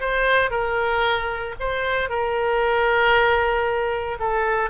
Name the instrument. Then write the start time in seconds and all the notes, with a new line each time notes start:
oboe
0.00 C5
0.51 A#4
1.60 C5
2.09 A#4
4.19 A4